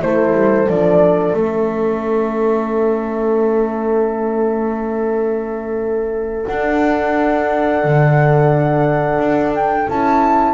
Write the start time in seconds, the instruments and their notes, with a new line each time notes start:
0.00 double bass A3, horn E4 A4, flute C5
0.33 double bass G3
0.68 double bass F3, horn D4, flute D5
1.33 double bass A3, horn C#4, flute E5
6.46 horn D4, double bass D4, flute F#5
7.84 double bass D3
9.19 double bass D4
9.55 flute G5
9.89 double bass C#4, horn E4, flute A5